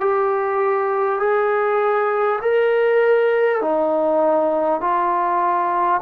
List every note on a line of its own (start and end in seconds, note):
0.00 1.19 G4
1.19 2.39 G#4
2.41 3.61 A#4
3.61 4.81 D#4
4.81 6.01 F4